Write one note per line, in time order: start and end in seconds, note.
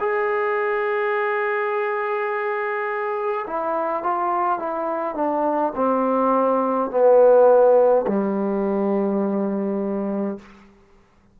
0.00 3.46 G#4
3.47 4.03 E4
4.03 4.59 F4
4.59 5.16 E4
5.16 5.73 D4
5.75 6.91 C4
6.91 8.06 B3
8.08 10.38 G3